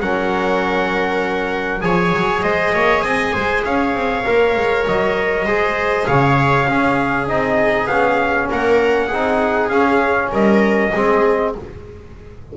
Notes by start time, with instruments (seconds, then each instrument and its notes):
0.00 double bass F#3, trombone C#4, viola A#4, trumpet F#5
1.81 double bass F3, trombone G#4, viola C#5, trumpet G#5
2.13 double bass F#3
2.42 double bass G#3, viola C5, trumpet D#5
2.74 double bass A#3, viola C#5
3.01 double bass C4, viola D#5, trumpet G#5
3.33 double bass G#3, viola C5
3.65 double bass C#4, viola C#5, trumpet F5
3.94 double bass C4
4.24 double bass A#3, trombone A#4
4.56 double bass G#3
4.87 double bass F#3, trumpet D#5
5.45 double bass G#3, trombone G#4, viola C5
6.06 double bass C#3, viola C#5, trumpet F5
6.67 trombone C#4, double bass C#4, viola G#4
7.28 double bass C4, trombone D#4, trumpet D#5
7.86 double bass B3, trombone C#4, trumpet F5
8.50 double bass A#3, viola A#4, trumpet F#5
9.07 double bass C4, trombone D#4, viola G#4
9.69 trombone C#4, double bass C#4, trumpet F5
10.32 double bass G3, viola A#4, trumpet D#5
10.91 double bass G#3, trombone C4, viola G#4